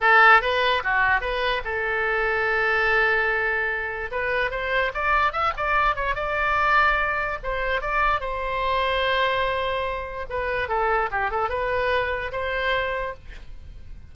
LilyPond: \new Staff \with { instrumentName = "oboe" } { \time 4/4 \tempo 4 = 146 a'4 b'4 fis'4 b'4 | a'1~ | a'2 b'4 c''4 | d''4 e''8 d''4 cis''8 d''4~ |
d''2 c''4 d''4 | c''1~ | c''4 b'4 a'4 g'8 a'8 | b'2 c''2 | }